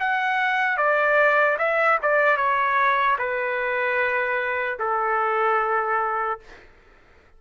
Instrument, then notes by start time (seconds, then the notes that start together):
trumpet
0.00 F#5
0.77 D5
1.59 E5
2.03 D5
2.37 C#5
3.19 B4
4.80 A4